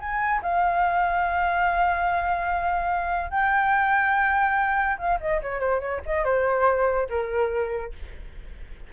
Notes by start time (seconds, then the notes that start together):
0.00 G#5
0.43 F5
3.31 G5
4.98 F5
5.21 D#5
5.42 C#5
5.60 C5
5.80 C#5
6.06 D#5
6.25 C5
7.10 A#4